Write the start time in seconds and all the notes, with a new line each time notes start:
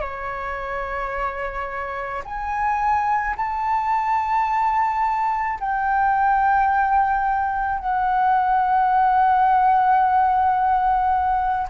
0.00 C#5
2.24 G#5
3.36 A5
5.60 G5
7.79 F#5